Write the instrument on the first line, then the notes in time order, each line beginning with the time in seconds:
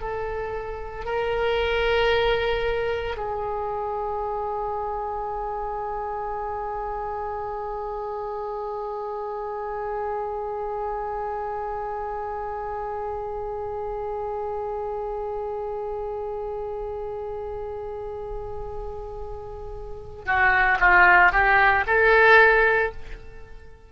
oboe
0.00 A4
1.05 A#4
3.17 G#4
20.25 F#4
20.80 F4
21.32 G4
21.86 A4